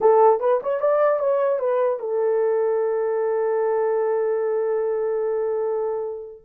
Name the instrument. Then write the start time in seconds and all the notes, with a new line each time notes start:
horn
0.00 A4
0.40 B4
0.62 C#5
0.80 D5
1.19 C#5
1.59 B4
1.99 A4